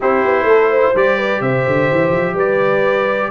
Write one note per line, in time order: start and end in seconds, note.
0.00 0.24 C4
0.00 0.95 E4
0.00 0.46 G4
0.00 0.96 C5
0.24 0.43 B3
0.43 0.90 A3
0.43 0.70 A4
0.70 1.17 C5
0.94 1.40 G3
0.94 3.31 G4
0.94 1.41 D5
1.17 1.40 B4
1.40 1.64 C3
1.40 2.34 C5
1.40 2.36 E5
1.66 1.90 D3
1.91 2.10 E3
2.10 2.33 F3
2.33 3.28 G3
2.33 3.28 B4
2.33 3.31 D5